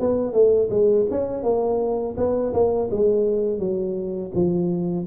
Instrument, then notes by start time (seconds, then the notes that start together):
tuba
0.00 B3
0.34 A3
0.71 G#3
1.11 C#4
1.43 A#3
2.17 B3
2.54 A#3
2.91 G#3
3.59 F#3
4.35 F3